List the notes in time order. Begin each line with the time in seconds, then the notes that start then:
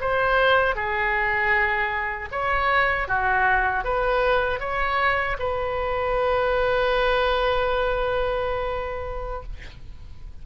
0.00 C5
0.75 G#4
2.31 C#5
3.08 F#4
3.84 B4
4.60 C#5
5.39 B4